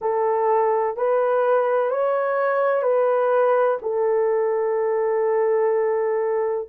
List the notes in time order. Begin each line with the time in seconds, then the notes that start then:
0.01 A4
0.96 B4
1.90 C#5
2.82 B4
3.82 A4